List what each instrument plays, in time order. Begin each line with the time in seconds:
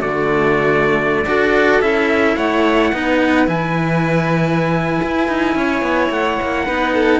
0.00 cello D3 A3, violin F#4, trumpet D5
1.25 cello D4 F#4, violin A4
1.81 cello C#4 E4, trumpet E5
2.36 cello A3, violin C#5, trumpet F#5
2.92 cello B3 D#4, violin B4
3.46 cello E3 E4, trumpet G#5
5.02 cello E4
5.28 cello D#4
5.55 cello C#4, violin C#5
5.82 cello B3
6.10 cello A3, trumpet F#5
6.42 cello A#3
6.65 cello B3 D#4, violin B4
6.94 violin A4